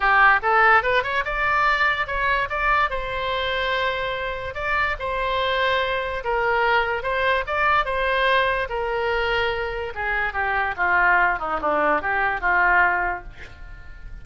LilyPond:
\new Staff \with { instrumentName = "oboe" } { \time 4/4 \tempo 4 = 145 g'4 a'4 b'8 cis''8 d''4~ | d''4 cis''4 d''4 c''4~ | c''2. d''4 | c''2. ais'4~ |
ais'4 c''4 d''4 c''4~ | c''4 ais'2. | gis'4 g'4 f'4. dis'8 | d'4 g'4 f'2 | }